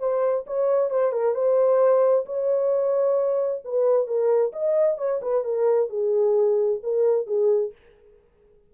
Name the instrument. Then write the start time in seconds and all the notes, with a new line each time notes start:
horn
0.00 C5
0.47 C#5
0.90 C5
1.13 A#4
1.35 C5
2.26 C#5
3.65 B4
4.07 A#4
4.53 D#5
4.98 C#5
5.22 B4
5.44 A#4
5.90 G#4
6.83 A#4
7.27 G#4